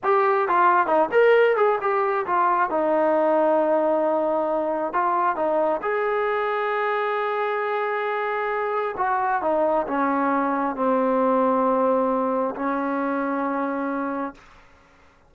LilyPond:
\new Staff \with { instrumentName = "trombone" } { \time 4/4 \tempo 4 = 134 g'4 f'4 dis'8 ais'4 gis'8 | g'4 f'4 dis'2~ | dis'2. f'4 | dis'4 gis'2.~ |
gis'1 | fis'4 dis'4 cis'2 | c'1 | cis'1 | }